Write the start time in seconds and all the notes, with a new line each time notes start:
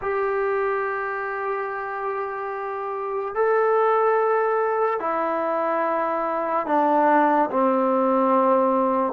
0.02 G4
3.34 A4
4.99 E4
6.66 D4
7.50 C4